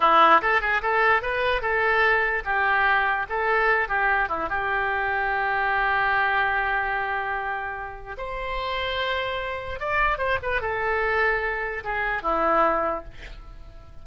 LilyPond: \new Staff \with { instrumentName = "oboe" } { \time 4/4 \tempo 4 = 147 e'4 a'8 gis'8 a'4 b'4 | a'2 g'2 | a'4. g'4 e'8 g'4~ | g'1~ |
g'1 | c''1 | d''4 c''8 b'8 a'2~ | a'4 gis'4 e'2 | }